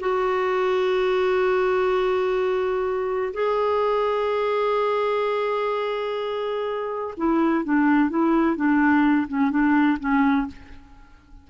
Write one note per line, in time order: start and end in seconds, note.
0.00 3.33 F#4
3.34 7.15 G#4
7.17 7.65 E4
7.65 8.10 D4
8.10 8.56 E4
8.56 9.27 D4
9.28 9.50 C#4
9.50 9.98 D4
10.00 10.47 C#4